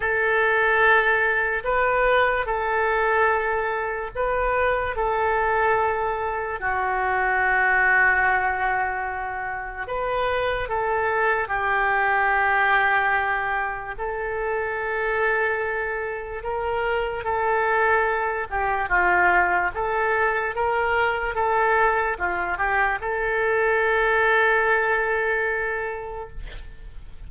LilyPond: \new Staff \with { instrumentName = "oboe" } { \time 4/4 \tempo 4 = 73 a'2 b'4 a'4~ | a'4 b'4 a'2 | fis'1 | b'4 a'4 g'2~ |
g'4 a'2. | ais'4 a'4. g'8 f'4 | a'4 ais'4 a'4 f'8 g'8 | a'1 | }